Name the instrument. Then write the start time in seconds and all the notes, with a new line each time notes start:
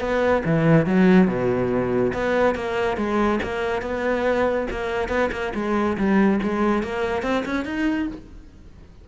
cello
0.00 B3
0.45 E3
0.86 F#3
1.27 B2
2.13 B3
2.55 A#3
2.97 G#3
3.43 A#3
3.82 B3
4.70 A#3
5.09 B3
5.32 A#3
5.54 G#3
5.97 G3
6.43 G#3
6.83 A#3
7.22 C4
7.45 C#4
7.65 D#4